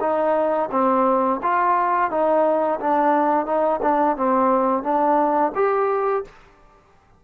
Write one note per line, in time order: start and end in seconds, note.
0.00 0.69 D#4
0.71 1.40 C4
1.42 2.10 F4
2.10 2.79 D#4
2.80 3.45 D4
3.45 3.80 D#4
3.82 4.16 D4
4.16 4.83 C4
4.83 5.52 D4
5.55 6.24 G4